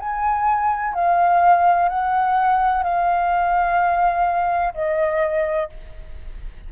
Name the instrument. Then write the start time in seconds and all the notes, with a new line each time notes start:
flute
0.00 G#5
0.94 F5
1.89 F#5
2.83 F5
4.74 D#5